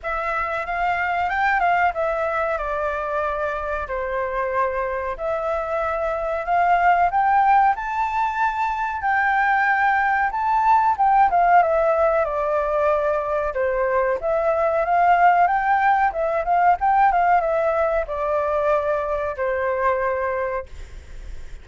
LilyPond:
\new Staff \with { instrumentName = "flute" } { \time 4/4 \tempo 4 = 93 e''4 f''4 g''8 f''8 e''4 | d''2 c''2 | e''2 f''4 g''4 | a''2 g''2 |
a''4 g''8 f''8 e''4 d''4~ | d''4 c''4 e''4 f''4 | g''4 e''8 f''8 g''8 f''8 e''4 | d''2 c''2 | }